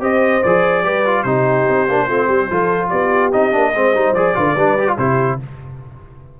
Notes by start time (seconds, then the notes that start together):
0.00 C4 G4 C5 D#5
0.43 F3 G#4 D5
0.84 G3 G4 B4
1.05 F4
1.23 C3 D#4 G4 C5
1.68 C4
1.88 A#3 D4
2.07 A3 C4 F4
2.27 G3 G4
2.50 F3 F4 A4
2.88 B3 G4 D5
3.32 C4 D#4 D#5
3.52 A#3 D4
3.75 G#3 C4 C5
3.94 G3 D#4
4.13 F3 G#4 D5
4.35 D3 F4 B4
4.48 A4
4.55 G3 D4 B4
4.79 G4
4.88 F4
4.97 C3 E4 G4 C5